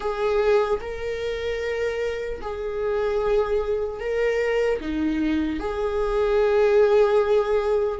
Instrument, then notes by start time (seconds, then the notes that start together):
viola
0.00 G#4
0.80 A#4
2.41 G#4
4.00 A#4
4.80 D#4
5.59 G#4